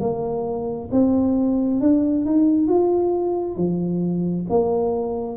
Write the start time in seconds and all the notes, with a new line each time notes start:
0.00 A#3
0.91 C4
1.80 D4
2.25 D#4
2.67 F4
3.57 F3
4.49 A#3